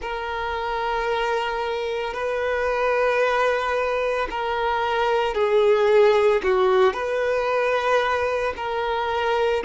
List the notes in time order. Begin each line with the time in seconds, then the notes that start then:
0.01 A#4
2.13 B4
4.30 A#4
5.34 G#4
6.43 F#4
6.93 B4
8.56 A#4